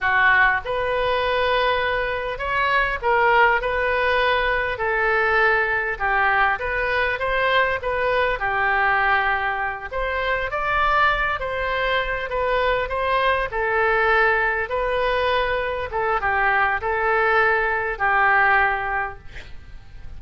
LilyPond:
\new Staff \with { instrumentName = "oboe" } { \time 4/4 \tempo 4 = 100 fis'4 b'2. | cis''4 ais'4 b'2 | a'2 g'4 b'4 | c''4 b'4 g'2~ |
g'8 c''4 d''4. c''4~ | c''8 b'4 c''4 a'4.~ | a'8 b'2 a'8 g'4 | a'2 g'2 | }